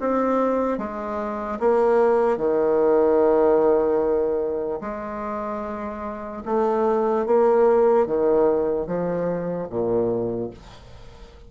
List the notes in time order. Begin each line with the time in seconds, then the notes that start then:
0.00 C4
0.78 G#3
1.60 A#3
2.38 D#3
4.81 G#3
6.46 A3
7.26 A#3
8.07 D#3
8.87 F3
9.70 A#2